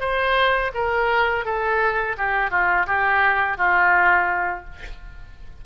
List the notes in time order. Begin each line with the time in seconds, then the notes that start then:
0.00 C5
0.74 A#4
1.45 A4
2.17 G4
2.50 F4
2.86 G4
3.57 F4